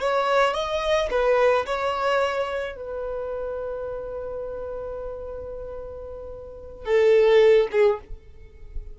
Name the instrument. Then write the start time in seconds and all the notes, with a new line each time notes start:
violin
0.00 C#5
0.55 D#5
1.11 B4
1.66 C#5
2.76 B4
6.86 A4
7.72 G#4